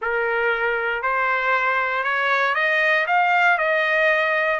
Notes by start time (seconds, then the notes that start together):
0.01 A#4
1.02 C5
2.03 C#5
2.54 D#5
3.06 F5
3.58 D#5